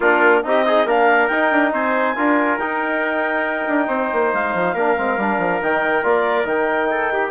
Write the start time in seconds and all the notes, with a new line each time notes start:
0.00 A#3 D4 F4 A#4
0.43 C4 D#4 G4 D#5
0.65 D#4 G#4
0.85 A#3 D4 A#4 F5
1.27 D#4 G5
1.51 D4
1.72 C4 C5 G#5
2.16 D4 F4 A#4
2.57 D#4 G5
3.67 D4
3.88 C4 C5
4.12 A#3
4.33 G#3 F5
4.54 F3
4.74 A#3 D4 A#4
4.97 G#3 C4
5.17 G3 D4
5.38 F3
5.61 D#3 D#4 G5
6.03 A#3 F4 D5
6.44 D#3 D#4 G5
6.91 A4
7.12 G4